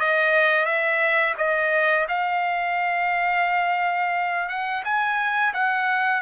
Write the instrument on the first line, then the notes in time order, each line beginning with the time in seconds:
trumpet
0.00 D#5
0.66 E5
1.38 D#5
2.09 F5
4.49 F#5
4.85 G#5
5.54 F#5